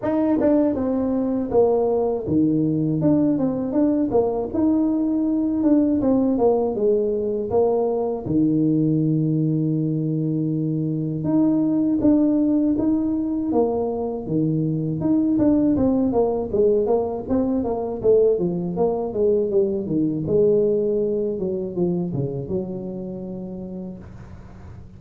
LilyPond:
\new Staff \with { instrumentName = "tuba" } { \time 4/4 \tempo 4 = 80 dis'8 d'8 c'4 ais4 dis4 | d'8 c'8 d'8 ais8 dis'4. d'8 | c'8 ais8 gis4 ais4 dis4~ | dis2. dis'4 |
d'4 dis'4 ais4 dis4 | dis'8 d'8 c'8 ais8 gis8 ais8 c'8 ais8 | a8 f8 ais8 gis8 g8 dis8 gis4~ | gis8 fis8 f8 cis8 fis2 | }